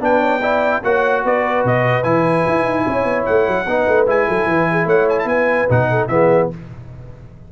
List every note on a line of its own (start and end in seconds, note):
0.00 0.81 B3
0.00 0.41 D4
0.00 0.19 B4
0.00 0.84 G5
0.19 0.39 C#5
0.41 0.83 E4
0.41 0.82 D5
0.83 1.24 A#3
0.83 2.03 F#4
0.83 1.23 C#5
0.83 1.24 F#5
1.24 1.64 B3
1.24 2.85 B4
1.24 1.66 D5
1.64 2.04 B2
1.64 2.03 D#5
2.03 2.45 E3
2.03 3.65 E4
2.03 3.25 G#5
2.47 2.64 E4
2.64 2.84 D#4
2.85 3.04 C#4
2.85 3.66 C#5
3.04 3.24 B3
3.25 3.47 A3
3.25 4.07 F#5
3.47 3.66 F#3
3.66 3.87 B3
3.66 4.07 D#4
3.66 4.28 B4
3.87 4.07 A3
4.07 4.27 G#3
4.07 5.69 E4
4.07 4.88 G#5
4.28 4.47 F#3
4.28 4.48 A4
4.47 4.85 E3
4.47 4.69 B4
4.71 4.86 G#4
4.85 5.25 A3
4.85 5.27 C#5
4.85 5.08 F#5
5.09 5.19 G#5
5.19 5.65 B3
5.19 5.28 A5
5.28 5.89 B4
5.28 5.69 G#5
5.69 6.09 B2
5.69 6.10 D#4
5.69 6.08 F#5
5.90 6.10 A4
6.08 6.49 E3
6.08 6.50 B3
6.08 6.52 G#4
6.08 6.48 E5